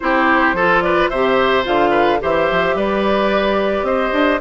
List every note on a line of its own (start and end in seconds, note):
0.00 0.53 C4
0.00 0.56 E4
0.00 0.55 G4
0.00 0.81 C5
0.53 1.08 F3
0.53 1.12 F4
0.53 0.83 A4
0.81 1.10 B4
0.81 1.08 D5
1.09 1.66 C3
1.09 1.63 G4
1.09 1.90 C5
1.09 1.64 E5
1.63 2.21 D3
1.63 2.18 F4
1.63 2.21 F5
1.90 2.17 B4
2.19 2.50 E3
2.19 4.39 G4
2.19 2.76 C5
2.19 2.78 E5
2.50 2.74 F3
2.74 3.82 G3
2.74 3.86 B4
2.74 3.84 D5
3.82 4.09 C4
3.82 4.40 C5
3.82 4.39 D#5
4.12 4.40 D4